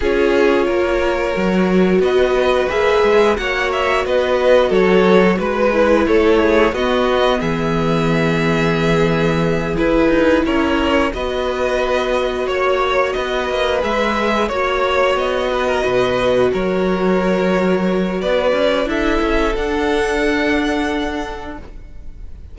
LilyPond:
<<
  \new Staff \with { instrumentName = "violin" } { \time 4/4 \tempo 4 = 89 cis''2. dis''4 | e''4 fis''8 e''8 dis''4 cis''4 | b'4 cis''4 dis''4 e''4~ | e''2~ e''8 b'4 cis''8~ |
cis''8 dis''2 cis''4 dis''8~ | dis''8 e''4 cis''4 dis''4.~ | dis''8 cis''2~ cis''8 d''4 | e''4 fis''2. | }
  \new Staff \with { instrumentName = "violin" } { \time 4/4 gis'4 ais'2 b'4~ | b'4 cis''4 b'4 a'4 | b'4 a'8 gis'8 fis'4 gis'4~ | gis'2.~ gis'8 ais'8~ |
ais'8 b'2 cis''4 b'8~ | b'4. cis''4. b'16 ais'16 b'8~ | b'8 ais'2~ ais'8 b'4 | a'1 | }
  \new Staff \with { instrumentName = "viola" } { \time 4/4 f'2 fis'2 | gis'4 fis'2.~ | fis'8 e'4. b2~ | b2~ b8 e'4.~ |
e'8 fis'2.~ fis'8~ | fis'8 gis'4 fis'2~ fis'8~ | fis'1 | e'4 d'2. | }
  \new Staff \with { instrumentName = "cello" } { \time 4/4 cis'4 ais4 fis4 b4 | ais8 gis8 ais4 b4 fis4 | gis4 a4 b4 e4~ | e2~ e8 e'8 dis'8 cis'8~ |
cis'8 b2 ais4 b8 | ais8 gis4 ais4 b4 b,8~ | b,8 fis2~ fis8 b8 cis'8 | d'8 cis'8 d'2. | }
>>